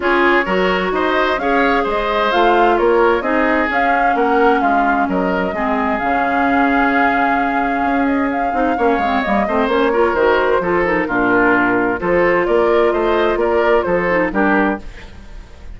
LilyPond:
<<
  \new Staff \with { instrumentName = "flute" } { \time 4/4 \tempo 4 = 130 cis''2 dis''4 f''4 | dis''4 f''4 cis''4 dis''4 | f''4 fis''4 f''4 dis''4~ | dis''4 f''2.~ |
f''4. dis''8 f''2 | dis''4 cis''4 c''4. ais'8~ | ais'2 c''4 d''4 | dis''4 d''4 c''4 ais'4 | }
  \new Staff \with { instrumentName = "oboe" } { \time 4/4 gis'4 ais'4 c''4 cis''4 | c''2 ais'4 gis'4~ | gis'4 ais'4 f'4 ais'4 | gis'1~ |
gis'2. cis''4~ | cis''8 c''4 ais'4. a'4 | f'2 a'4 ais'4 | c''4 ais'4 a'4 g'4 | }
  \new Staff \with { instrumentName = "clarinet" } { \time 4/4 f'4 fis'2 gis'4~ | gis'4 f'2 dis'4 | cis'1 | c'4 cis'2.~ |
cis'2~ cis'8 dis'8 cis'8 c'8 | ais8 c'8 cis'8 f'8 fis'4 f'8 dis'8 | d'2 f'2~ | f'2~ f'8 dis'8 d'4 | }
  \new Staff \with { instrumentName = "bassoon" } { \time 4/4 cis'4 fis4 dis'4 cis'4 | gis4 a4 ais4 c'4 | cis'4 ais4 gis4 fis4 | gis4 cis2.~ |
cis4 cis'4. c'8 ais8 gis8 | g8 a8 ais4 dis4 f4 | ais,2 f4 ais4 | a4 ais4 f4 g4 | }
>>